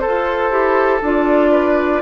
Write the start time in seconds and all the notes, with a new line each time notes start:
0.00 A4 C5
0.07 F4
0.50 E4 G4
1.02 D4 F4 D5
1.52 B4